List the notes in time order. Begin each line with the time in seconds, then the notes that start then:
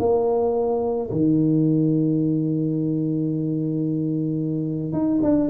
0.00 A#3
1.11 D#3
4.93 D#4
5.23 D4